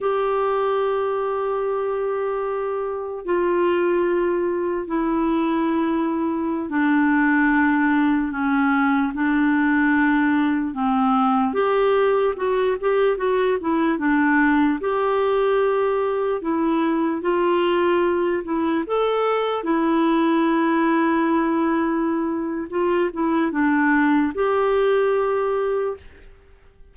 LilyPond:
\new Staff \with { instrumentName = "clarinet" } { \time 4/4 \tempo 4 = 74 g'1 | f'2 e'2~ | e'16 d'2 cis'4 d'8.~ | d'4~ d'16 c'4 g'4 fis'8 g'16~ |
g'16 fis'8 e'8 d'4 g'4.~ g'16~ | g'16 e'4 f'4. e'8 a'8.~ | a'16 e'2.~ e'8. | f'8 e'8 d'4 g'2 | }